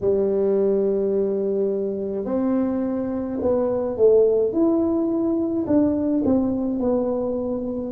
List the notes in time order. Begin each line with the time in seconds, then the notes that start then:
0.01 G3
2.25 C4
3.41 B3
3.96 A3
4.52 E4
5.66 D4
6.24 C4
6.79 B3